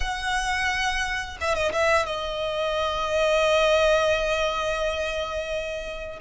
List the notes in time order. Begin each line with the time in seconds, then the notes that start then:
0.00 F#5
1.40 E5
1.55 D#5
1.72 E5
2.05 D#5